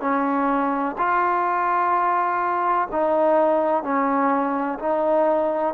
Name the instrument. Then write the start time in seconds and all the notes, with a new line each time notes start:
trombone
0.00 C#4
0.98 F4
2.91 D#4
3.83 C#4
4.79 D#4